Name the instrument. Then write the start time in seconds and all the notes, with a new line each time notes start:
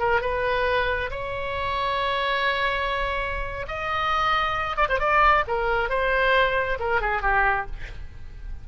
oboe
0.00 A#4
0.22 B4
1.11 C#5
3.68 D#5
4.77 D5
4.89 C5
5.00 D5
5.48 A#4
5.90 C5
6.80 A#4
7.01 G#4
7.22 G4